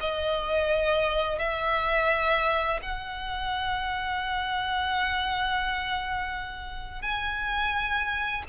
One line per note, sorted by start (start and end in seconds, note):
0.00 1.38 D#5
1.38 2.79 E5
2.82 7.01 F#5
7.01 8.43 G#5